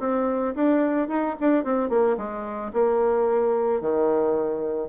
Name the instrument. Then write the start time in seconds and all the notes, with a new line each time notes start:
bassoon
0.00 C4
0.55 D4
1.08 D#4
1.40 D4
1.64 C4
1.90 A#3
2.17 G#3
2.73 A#3
3.81 D#3